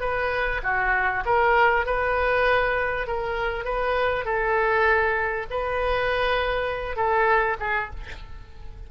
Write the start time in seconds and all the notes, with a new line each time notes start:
0.00 B4
0.63 F#4
1.25 A#4
1.85 B4
3.07 A#4
3.64 B4
4.25 A4
5.50 B4
6.96 A4
7.60 G#4